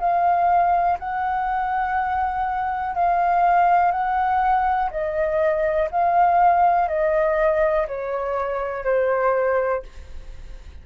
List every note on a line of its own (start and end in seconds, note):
0.00 0.98 F5
0.99 2.95 F#5
2.95 3.92 F5
3.92 4.90 F#5
4.91 5.89 D#5
5.91 6.89 F5
6.89 7.87 D#5
7.87 8.85 C#5
8.85 9.83 C5